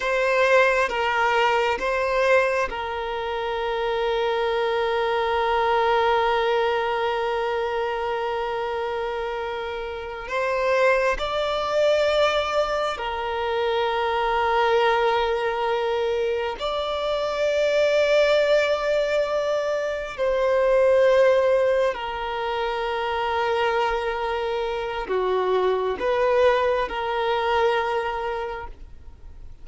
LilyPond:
\new Staff \with { instrumentName = "violin" } { \time 4/4 \tempo 4 = 67 c''4 ais'4 c''4 ais'4~ | ais'1~ | ais'2.~ ais'8 c''8~ | c''8 d''2 ais'4.~ |
ais'2~ ais'8 d''4.~ | d''2~ d''8 c''4.~ | c''8 ais'2.~ ais'8 | fis'4 b'4 ais'2 | }